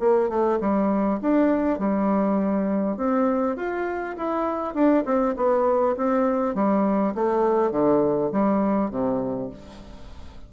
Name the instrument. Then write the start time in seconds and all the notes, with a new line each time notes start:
bassoon
0.00 A#3
0.29 A3
0.60 G3
1.22 D4
1.79 G3
2.97 C4
3.57 F4
4.17 E4
4.74 D4
5.05 C4
5.37 B3
5.97 C4
6.55 G3
7.15 A3
7.71 D3
8.32 G3
8.91 C3